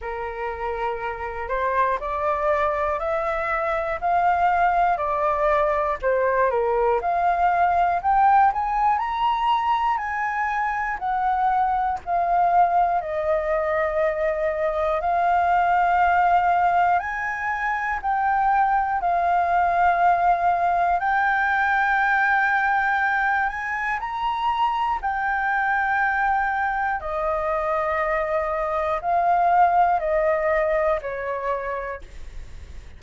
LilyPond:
\new Staff \with { instrumentName = "flute" } { \time 4/4 \tempo 4 = 60 ais'4. c''8 d''4 e''4 | f''4 d''4 c''8 ais'8 f''4 | g''8 gis''8 ais''4 gis''4 fis''4 | f''4 dis''2 f''4~ |
f''4 gis''4 g''4 f''4~ | f''4 g''2~ g''8 gis''8 | ais''4 g''2 dis''4~ | dis''4 f''4 dis''4 cis''4 | }